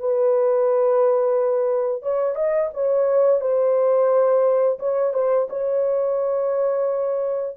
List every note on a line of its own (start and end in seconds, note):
0.00 2.03 B4
2.03 2.36 C#5
2.36 2.70 D#5
2.74 3.41 C#5
3.41 4.79 C5
4.80 5.14 C#5
5.14 5.48 C5
5.50 7.57 C#5